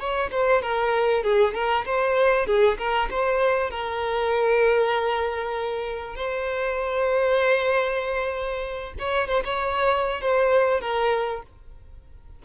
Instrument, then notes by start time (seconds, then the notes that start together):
violin
0.00 C#5
0.32 C5
0.62 A#4
1.24 G#4
1.54 A#4
1.86 C5
2.47 G#4
2.78 A#4
3.11 C5
3.71 A#4
6.16 C5
8.99 C#5
9.28 C5
9.45 C#5
10.22 C5
10.81 A#4